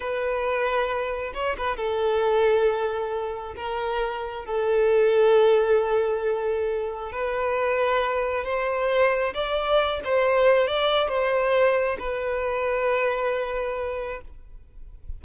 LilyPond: \new Staff \with { instrumentName = "violin" } { \time 4/4 \tempo 4 = 135 b'2. cis''8 b'8 | a'1 | ais'2 a'2~ | a'1 |
b'2. c''4~ | c''4 d''4. c''4. | d''4 c''2 b'4~ | b'1 | }